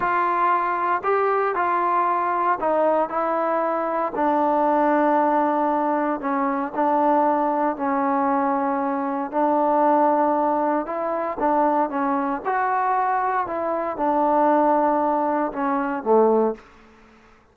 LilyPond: \new Staff \with { instrumentName = "trombone" } { \time 4/4 \tempo 4 = 116 f'2 g'4 f'4~ | f'4 dis'4 e'2 | d'1 | cis'4 d'2 cis'4~ |
cis'2 d'2~ | d'4 e'4 d'4 cis'4 | fis'2 e'4 d'4~ | d'2 cis'4 a4 | }